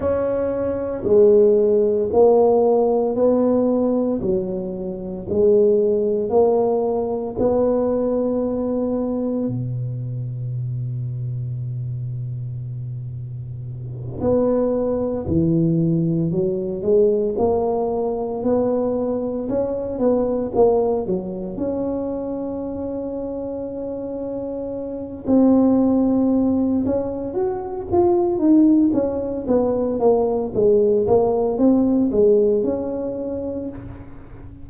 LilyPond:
\new Staff \with { instrumentName = "tuba" } { \time 4/4 \tempo 4 = 57 cis'4 gis4 ais4 b4 | fis4 gis4 ais4 b4~ | b4 b,2.~ | b,4. b4 e4 fis8 |
gis8 ais4 b4 cis'8 b8 ais8 | fis8 cis'2.~ cis'8 | c'4. cis'8 fis'8 f'8 dis'8 cis'8 | b8 ais8 gis8 ais8 c'8 gis8 cis'4 | }